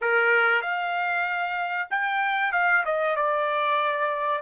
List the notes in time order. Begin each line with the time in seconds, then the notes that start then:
0.01 A#4
0.61 F5
1.90 G5
2.52 F5
2.85 D#5
3.16 D5